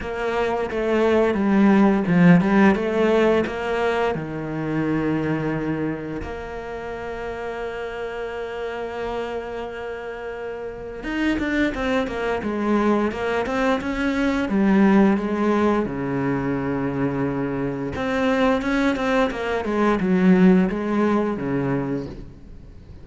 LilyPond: \new Staff \with { instrumentName = "cello" } { \time 4/4 \tempo 4 = 87 ais4 a4 g4 f8 g8 | a4 ais4 dis2~ | dis4 ais2.~ | ais1 |
dis'8 d'8 c'8 ais8 gis4 ais8 c'8 | cis'4 g4 gis4 cis4~ | cis2 c'4 cis'8 c'8 | ais8 gis8 fis4 gis4 cis4 | }